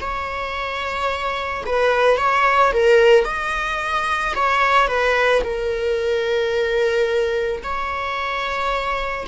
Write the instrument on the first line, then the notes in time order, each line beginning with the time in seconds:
viola
0.00 C#5
1.66 B4
2.17 C#5
2.72 A#4
3.24 D#5
4.35 C#5
4.87 B4
5.43 A#4
7.63 C#5